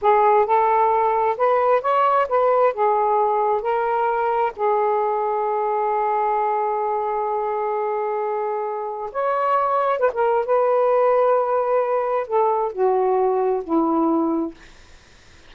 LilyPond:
\new Staff \with { instrumentName = "saxophone" } { \time 4/4 \tempo 4 = 132 gis'4 a'2 b'4 | cis''4 b'4 gis'2 | ais'2 gis'2~ | gis'1~ |
gis'1 | cis''2 b'16 ais'8. b'4~ | b'2. a'4 | fis'2 e'2 | }